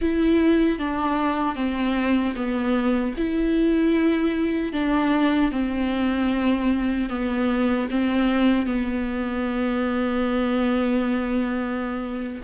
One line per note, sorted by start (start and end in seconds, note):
0.01 0.78 E4
0.78 1.55 D4
1.55 2.34 C4
2.35 3.14 B3
3.17 4.73 E4
4.73 5.51 D4
5.51 7.09 C4
7.09 7.88 B3
7.90 8.66 C4
8.66 12.41 B3